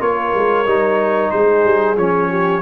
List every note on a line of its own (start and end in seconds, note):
0.00 0.33 A#3
0.00 0.65 F4
0.00 1.33 A#4
0.00 1.31 C#5
0.35 0.66 G#3
0.66 1.31 G3
0.66 1.96 D#4
1.31 1.65 G#3
1.31 2.30 G#4
1.31 1.96 C5
1.65 1.97 G3
1.97 2.62 F3
1.97 2.62 C#4
1.97 2.62 C#5
2.30 2.62 G4